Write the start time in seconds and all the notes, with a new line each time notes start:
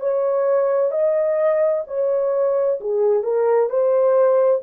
0.00 C#5
0.91 D#5
1.87 C#5
2.80 G#4
3.23 A#4
3.70 C5